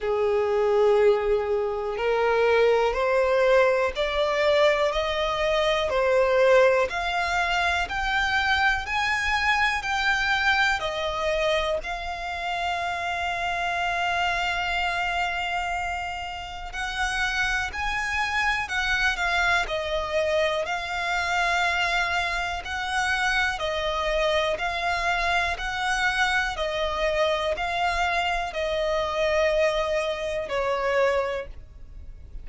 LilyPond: \new Staff \with { instrumentName = "violin" } { \time 4/4 \tempo 4 = 61 gis'2 ais'4 c''4 | d''4 dis''4 c''4 f''4 | g''4 gis''4 g''4 dis''4 | f''1~ |
f''4 fis''4 gis''4 fis''8 f''8 | dis''4 f''2 fis''4 | dis''4 f''4 fis''4 dis''4 | f''4 dis''2 cis''4 | }